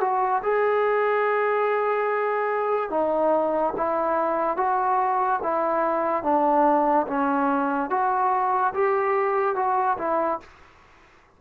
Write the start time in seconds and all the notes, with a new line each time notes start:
0.00 F#4
0.42 G#4
2.90 D#4
3.77 E4
4.57 F#4
5.42 E4
6.23 D4
7.07 C#4
7.90 F#4
8.74 G4
9.55 F#4
9.98 E4